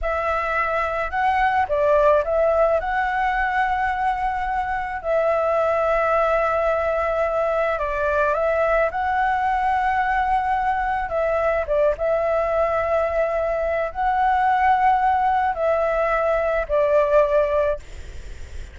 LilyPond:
\new Staff \with { instrumentName = "flute" } { \time 4/4 \tempo 4 = 108 e''2 fis''4 d''4 | e''4 fis''2.~ | fis''4 e''2.~ | e''2 d''4 e''4 |
fis''1 | e''4 d''8 e''2~ e''8~ | e''4 fis''2. | e''2 d''2 | }